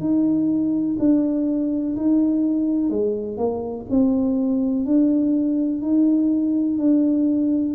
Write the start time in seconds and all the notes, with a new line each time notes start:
0.00 D#4
0.99 D4
1.97 D#4
2.90 G#3
3.38 A#3
3.90 C4
4.86 D4
5.82 D#4
6.79 D4